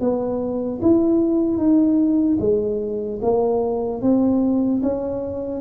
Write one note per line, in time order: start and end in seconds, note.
0.00 0.80 B3
0.81 1.57 E4
1.57 2.37 D#4
2.39 3.19 G#3
3.21 4.01 A#3
4.01 4.81 C4
4.82 5.61 C#4